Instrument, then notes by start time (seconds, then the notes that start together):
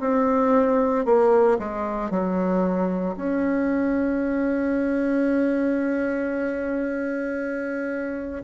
bassoon
0.00 C4
1.05 A#3
1.58 G#3
2.10 F#3
3.16 C#4